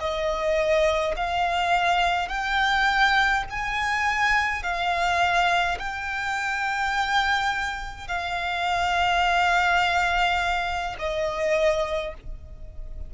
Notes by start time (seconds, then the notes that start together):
0.00 D#5
1.17 F5
2.29 G5
3.50 G#5
4.63 F5
5.79 G5
8.08 F5
10.99 D#5